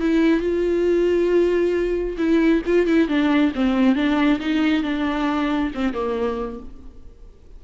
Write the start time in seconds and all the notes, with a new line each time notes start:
0.00 E4
0.40 F4
2.17 E4
2.66 F4
2.86 E4
3.08 D4
3.55 C4
3.95 D4
4.40 D#4
4.83 D4
5.74 C4
5.93 A#3